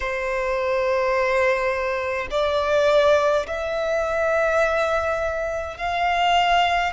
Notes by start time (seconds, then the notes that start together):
0.00 C5
2.31 D5
3.46 E5
5.77 F5